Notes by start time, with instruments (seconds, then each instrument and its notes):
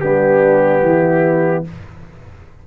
0.00 tuba G3, trombone B3, horn D4, trumpet G4
0.81 tuba E3, horn E4